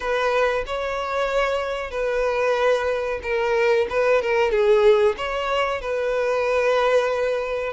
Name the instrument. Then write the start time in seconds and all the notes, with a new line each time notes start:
violin
0.00 B4
0.66 C#5
1.91 B4
3.23 A#4
3.89 B4
4.22 A#4
4.51 G#4
5.17 C#5
5.81 B4